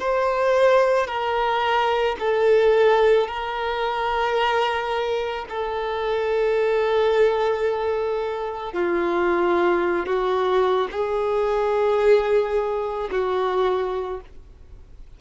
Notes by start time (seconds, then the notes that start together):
0.00 C5
1.07 A#4
2.20 A4
3.28 A#4
5.49 A4
8.73 F4
10.07 F#4
10.91 G#4
13.12 F#4